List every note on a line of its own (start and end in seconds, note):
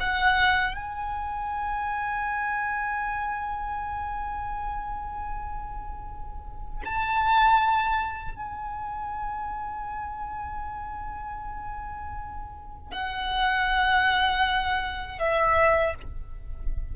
0.00 0.75 F#5
0.75 6.83 G#5
6.85 8.35 A5
8.35 12.91 G#5
12.91 15.19 F#5
15.19 15.95 E5